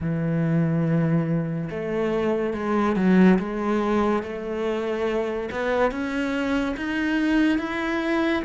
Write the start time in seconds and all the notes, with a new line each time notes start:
0.00 E3
1.69 A3
2.54 G#3
2.96 F#3
3.38 G#3
4.23 A3
5.51 B3
5.91 C#4
6.76 D#4
7.58 E4